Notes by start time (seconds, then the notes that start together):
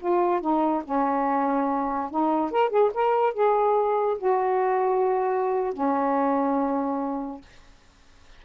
0.00 F4
0.41 D#4
0.85 C#4
2.11 D#4
2.51 A#4
2.70 G#4
2.94 A#4
3.34 G#4
4.18 F#4
5.74 C#4